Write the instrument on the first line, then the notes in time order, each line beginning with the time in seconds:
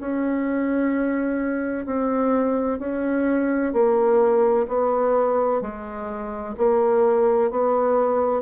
bassoon
0.00 C#4
1.86 C4
2.79 C#4
3.73 A#3
4.67 B3
5.61 G#3
6.57 A#3
7.50 B3